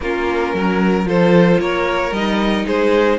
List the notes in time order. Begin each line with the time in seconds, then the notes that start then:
0.00 A#3 C#4 F4 A#4
0.54 F#3 A#4
1.04 F3 F4 A4 C5
1.60 A#3 A#4 C#5
2.11 G3 D#4 D#5
2.65 G#3 G#4 C5